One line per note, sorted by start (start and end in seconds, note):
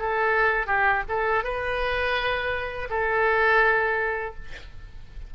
0.00 0.67 A4
0.67 1.03 G4
1.09 1.44 A4
1.44 2.89 B4
2.90 4.35 A4